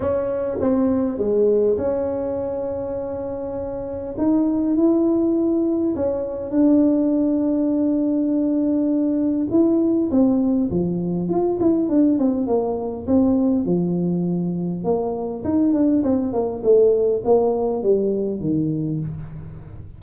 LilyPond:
\new Staff \with { instrumentName = "tuba" } { \time 4/4 \tempo 4 = 101 cis'4 c'4 gis4 cis'4~ | cis'2. dis'4 | e'2 cis'4 d'4~ | d'1 |
e'4 c'4 f4 f'8 e'8 | d'8 c'8 ais4 c'4 f4~ | f4 ais4 dis'8 d'8 c'8 ais8 | a4 ais4 g4 dis4 | }